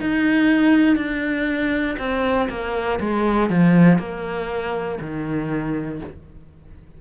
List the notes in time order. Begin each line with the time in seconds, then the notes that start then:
0.00 D#4
0.96 D4
1.99 C4
2.49 A#3
2.99 G#3
3.49 F3
3.98 A#3
5.00 D#3